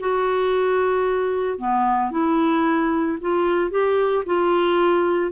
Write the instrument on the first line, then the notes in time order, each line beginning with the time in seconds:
clarinet
0.00 F#4
1.58 B3
2.11 E4
3.21 F4
3.71 G4
4.26 F4